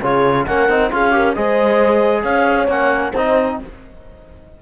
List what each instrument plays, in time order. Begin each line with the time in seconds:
0.00 cello C#3, trombone F4, horn G#4, clarinet C#5
0.46 cello A#3, trombone C#4, horn A#4, clarinet F#5
0.69 cello C4, trombone D#4
0.91 cello C#4, trombone F4, horn G#4, clarinet F5
1.11 trombone G4, horn A#4
1.35 cello G#3, trombone G#4, horn C5, clarinet D#5
2.22 cello C#4, horn C#5, clarinet F5
2.67 cello A#3, trombone C#4, clarinet F#5
3.12 cello C4, trombone D#4, horn C5, clarinet D#5